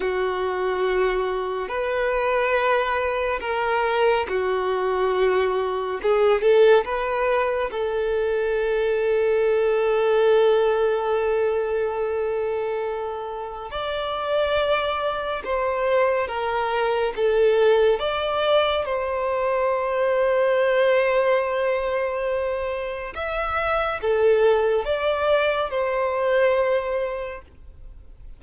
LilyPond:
\new Staff \with { instrumentName = "violin" } { \time 4/4 \tempo 4 = 70 fis'2 b'2 | ais'4 fis'2 gis'8 a'8 | b'4 a'2.~ | a'1 |
d''2 c''4 ais'4 | a'4 d''4 c''2~ | c''2. e''4 | a'4 d''4 c''2 | }